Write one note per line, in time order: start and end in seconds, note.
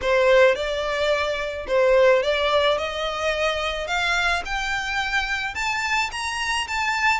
0.01 0.55 C5
0.55 1.66 D5
1.67 2.22 C5
2.22 2.78 D5
2.78 3.87 D#5
3.87 4.42 F5
4.45 5.54 G5
5.54 6.10 A5
6.11 6.67 A#5
6.67 7.20 A5